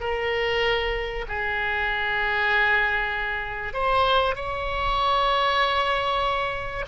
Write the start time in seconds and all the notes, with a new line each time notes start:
0.00 A#4
1.28 G#4
3.73 C5
4.35 C#5